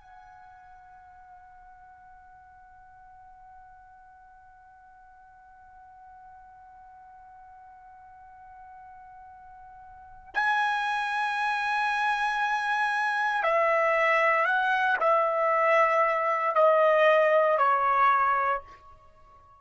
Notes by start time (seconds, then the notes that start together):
0.00 F#5
10.34 G#5
13.43 E5
14.45 F#5
15.00 E5
16.55 D#5
17.58 C#5